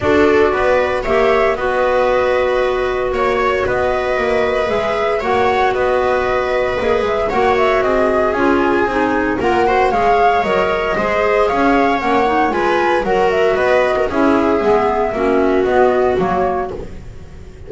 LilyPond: <<
  \new Staff \with { instrumentName = "flute" } { \time 4/4 \tempo 4 = 115 d''2 e''4 dis''4~ | dis''2 cis''4 dis''4~ | dis''4 e''4 fis''4 dis''4~ | dis''4. e''8 fis''8 e''8 dis''4 |
gis''2 fis''4 f''4 | dis''2 f''4 fis''4 | gis''4 fis''8 e''8 dis''4 e''4~ | e''2 dis''4 cis''4 | }
  \new Staff \with { instrumentName = "viola" } { \time 4/4 a'4 b'4 cis''4 b'4~ | b'2 cis''4 b'4~ | b'2 cis''4 b'4~ | b'2 cis''4 gis'4~ |
gis'2 ais'8 c''8 cis''4~ | cis''4 c''4 cis''2 | b'4 ais'4 b'8. ais'16 gis'4~ | gis'4 fis'2. | }
  \new Staff \with { instrumentName = "clarinet" } { \time 4/4 fis'2 g'4 fis'4~ | fis'1~ | fis'4 gis'4 fis'2~ | fis'4 gis'4 fis'2 |
f'4 dis'4 f'8 fis'8 gis'4 | ais'4 gis'2 cis'8 dis'8 | f'4 fis'2 e'4 | b4 cis'4 b4 ais4 | }
  \new Staff \with { instrumentName = "double bass" } { \time 4/4 d'4 b4 ais4 b4~ | b2 ais4 b4 | ais4 gis4 ais4 b4~ | b4 ais8 gis8 ais4 c'4 |
cis'4 c'4 ais4 gis4 | fis4 gis4 cis'4 ais4 | gis4 fis4 b4 cis'4 | gis4 ais4 b4 fis4 | }
>>